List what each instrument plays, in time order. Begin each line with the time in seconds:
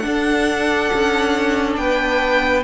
0.00 viola D4, cello D4, violin F#5
0.07 violin A4
0.94 cello C#4
1.77 cello B3, violin B4 G5